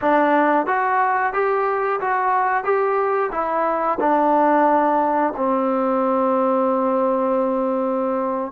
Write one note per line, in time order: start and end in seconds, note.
0.01 0.66 D4
0.66 1.33 F#4
1.33 1.99 G4
2.00 2.63 F#4
2.63 3.30 G4
3.31 3.98 E4
4.00 5.33 D4
5.36 8.51 C4